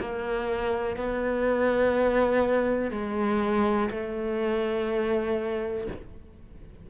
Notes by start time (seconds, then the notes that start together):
0.00 A#3
0.97 B3
2.92 G#3
3.91 A3